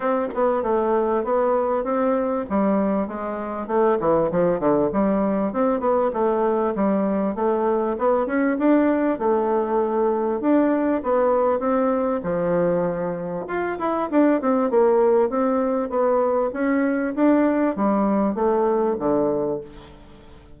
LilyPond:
\new Staff \with { instrumentName = "bassoon" } { \time 4/4 \tempo 4 = 98 c'8 b8 a4 b4 c'4 | g4 gis4 a8 e8 f8 d8 | g4 c'8 b8 a4 g4 | a4 b8 cis'8 d'4 a4~ |
a4 d'4 b4 c'4 | f2 f'8 e'8 d'8 c'8 | ais4 c'4 b4 cis'4 | d'4 g4 a4 d4 | }